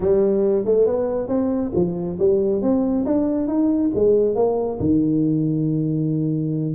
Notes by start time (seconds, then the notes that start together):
0.00 G3
0.65 A3
0.86 B3
1.28 C4
1.74 F3
2.19 G3
2.61 C4
3.05 D4
3.47 D#4
3.94 G#3
4.35 A#3
4.79 D#3